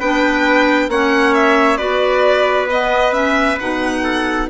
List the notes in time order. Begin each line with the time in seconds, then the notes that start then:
0.00 B3 D4 B4 G5
0.89 A#3 C#4 C#5 F#5
1.34 E5
1.77 B3 F#4 B4 D5
2.71 B3 D#5
3.12 C#4 E5
3.60 B2 D#4 F#5
4.04 A4